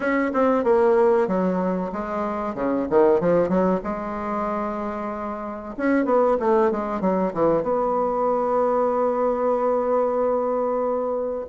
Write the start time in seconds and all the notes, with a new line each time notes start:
0.00 C#4
0.33 C4
0.64 A#3
1.27 F#3
1.92 G#3
2.54 C#3
2.90 D#3
3.20 F3
3.48 F#3
3.83 G#3
5.77 C#4
6.05 B3
6.39 A3
6.71 G#3
7.01 F#3
7.33 E3
7.62 B3